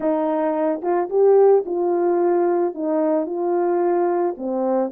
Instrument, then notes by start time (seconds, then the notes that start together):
horn
0.00 D#4
0.82 F4
1.09 G4
1.65 F4
2.74 D#4
3.26 F4
4.37 C4